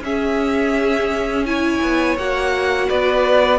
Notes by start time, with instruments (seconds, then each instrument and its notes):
0.00 cello C#4, viola C#4, violin G#4 E5
1.46 viola E4, violin C#5 G#5
1.82 cello B3
2.17 cello A#3, viola F#4, violin F#5
2.88 cello B3, violin B4 D5